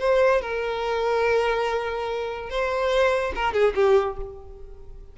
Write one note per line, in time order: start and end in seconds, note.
0.00 0.42 C5
0.42 2.50 A#4
2.50 3.33 C5
3.36 3.53 A#4
3.53 3.74 G#4
3.75 4.17 G4